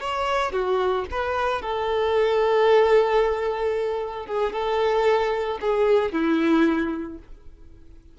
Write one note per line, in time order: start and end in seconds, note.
0.00 0.52 C#5
0.52 1.05 F#4
1.11 1.62 B4
1.62 4.26 A4
4.26 4.53 G#4
4.53 5.59 A4
5.61 6.12 G#4
6.12 7.19 E4